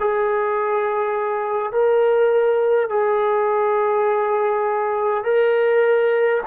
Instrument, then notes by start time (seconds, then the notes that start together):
trombone
0.00 G#4
1.72 A#4
2.90 G#4
5.24 A#4